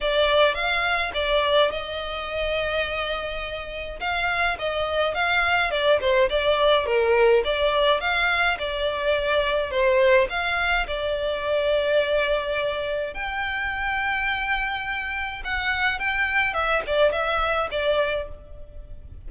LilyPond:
\new Staff \with { instrumentName = "violin" } { \time 4/4 \tempo 4 = 105 d''4 f''4 d''4 dis''4~ | dis''2. f''4 | dis''4 f''4 d''8 c''8 d''4 | ais'4 d''4 f''4 d''4~ |
d''4 c''4 f''4 d''4~ | d''2. g''4~ | g''2. fis''4 | g''4 e''8 d''8 e''4 d''4 | }